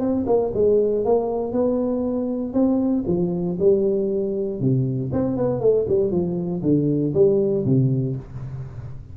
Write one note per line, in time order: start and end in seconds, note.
0.00 0.25 C4
0.27 0.52 A#3
0.54 1.05 G#3
1.05 1.53 A#3
1.53 2.53 B3
2.53 3.04 C4
3.07 3.58 F3
3.60 4.60 G3
4.60 5.11 C3
5.13 5.37 C4
5.37 5.61 B3
5.61 5.86 A3
5.89 6.11 G3
6.11 6.62 F3
6.63 7.14 D3
7.14 7.65 G3
7.66 8.17 C3